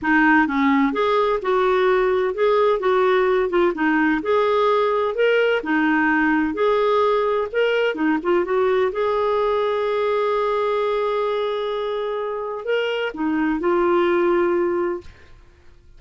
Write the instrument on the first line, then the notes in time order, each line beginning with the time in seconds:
clarinet
0.02 D#4
0.47 C#4
0.92 G#4
1.42 F#4
2.34 G#4
2.79 F#4
3.49 F4
3.74 D#4
4.22 G#4
5.14 A#4
5.63 D#4
6.53 G#4
7.52 A#4
7.94 D#4
8.22 F4
8.44 F#4
8.92 G#4
12.65 A#4
13.14 D#4
13.60 F4